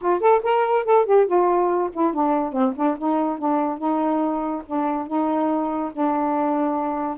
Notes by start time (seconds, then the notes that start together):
0.01 F4
0.20 A4
0.43 A#4
0.85 A4
1.05 G4
1.26 F4
1.92 E4
2.13 D4
2.52 C4
2.76 D4
2.98 D#4
3.38 D4
3.77 D#4
4.66 D4
5.07 D#4
5.92 D4